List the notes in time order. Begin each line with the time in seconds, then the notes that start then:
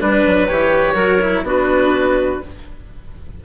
0.00 G3 D4 B4
0.26 F#3
0.47 E3 G4 C#5
0.94 F#3 F#4 A#4
1.21 E4
1.42 B3 D4 F#4 B4